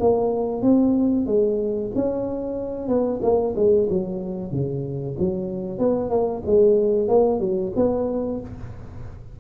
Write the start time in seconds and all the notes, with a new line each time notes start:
0.00 A#3
0.62 C4
1.26 G#3
1.95 C#4
2.88 B3
3.22 A#3
3.56 G#3
3.89 F#3
4.51 C#3
5.19 F#3
5.79 B3
6.10 A#3
6.46 G#3
7.08 A#3
7.40 F#3
7.76 B3